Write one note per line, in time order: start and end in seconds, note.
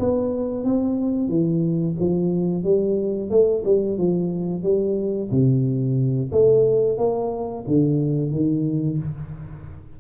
0.00 0.65 B3
0.65 1.29 C4
1.29 1.95 E3
2.00 2.64 F3
2.64 3.31 G3
3.31 3.64 A3
3.65 3.98 G3
3.98 4.64 F3
4.64 5.30 G3
5.31 6.31 C3
6.32 6.98 A3
6.98 7.65 A#3
7.68 8.32 D3
8.32 8.98 D#3